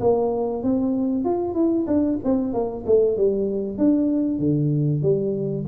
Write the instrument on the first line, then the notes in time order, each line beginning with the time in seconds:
tuba
0.00 A#3
0.63 C4
1.24 F4
1.54 E4
1.87 D4
2.24 C4
2.53 A#3
2.86 A3
3.17 G3
3.78 D4
4.39 D3
5.02 G3